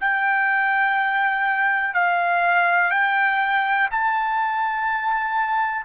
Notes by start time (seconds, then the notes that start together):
0.00 G5
1.94 F5
2.91 G5
3.90 A5